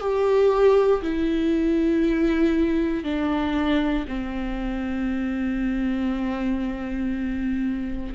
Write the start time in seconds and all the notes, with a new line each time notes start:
0.00 G4
1.02 E4
3.04 D4
4.08 C4